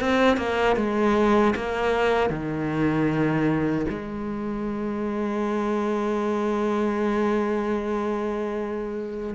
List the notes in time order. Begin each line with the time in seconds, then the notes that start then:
0.00 C4
0.37 A#3
0.76 G#3
1.56 A#3
2.30 D#3
3.89 G#3